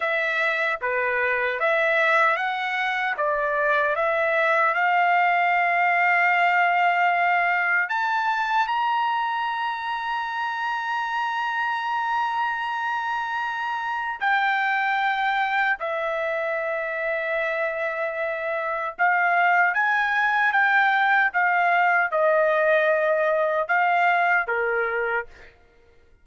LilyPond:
\new Staff \with { instrumentName = "trumpet" } { \time 4/4 \tempo 4 = 76 e''4 b'4 e''4 fis''4 | d''4 e''4 f''2~ | f''2 a''4 ais''4~ | ais''1~ |
ais''2 g''2 | e''1 | f''4 gis''4 g''4 f''4 | dis''2 f''4 ais'4 | }